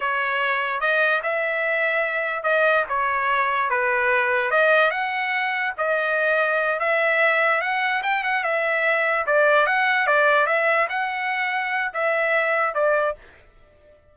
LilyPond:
\new Staff \with { instrumentName = "trumpet" } { \time 4/4 \tempo 4 = 146 cis''2 dis''4 e''4~ | e''2 dis''4 cis''4~ | cis''4 b'2 dis''4 | fis''2 dis''2~ |
dis''8 e''2 fis''4 g''8 | fis''8 e''2 d''4 fis''8~ | fis''8 d''4 e''4 fis''4.~ | fis''4 e''2 d''4 | }